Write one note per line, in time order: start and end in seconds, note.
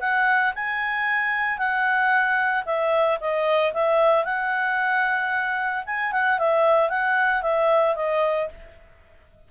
0.00 0.53 F#5
0.55 1.58 G#5
1.58 2.64 F#5
2.65 3.18 E5
3.20 3.73 D#5
3.73 4.25 E5
4.25 5.84 F#5
5.86 6.12 G#5
6.12 6.38 F#5
6.38 6.89 E5
6.89 7.42 F#5
7.42 7.95 E5
7.95 8.48 D#5